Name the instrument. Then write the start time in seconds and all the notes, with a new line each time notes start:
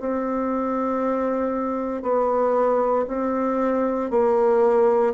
bassoon
0.00 C4
2.02 B3
3.08 C4
4.11 A#3